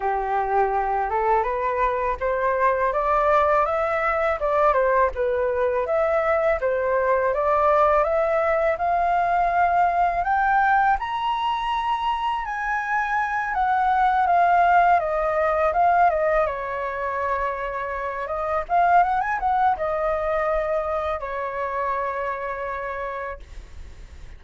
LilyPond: \new Staff \with { instrumentName = "flute" } { \time 4/4 \tempo 4 = 82 g'4. a'8 b'4 c''4 | d''4 e''4 d''8 c''8 b'4 | e''4 c''4 d''4 e''4 | f''2 g''4 ais''4~ |
ais''4 gis''4. fis''4 f''8~ | f''8 dis''4 f''8 dis''8 cis''4.~ | cis''4 dis''8 f''8 fis''16 gis''16 fis''8 dis''4~ | dis''4 cis''2. | }